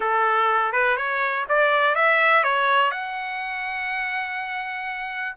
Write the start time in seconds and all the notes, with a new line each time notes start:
0.00 A4
0.72 B4
0.96 C#5
1.49 D5
1.95 E5
2.43 C#5
2.91 F#5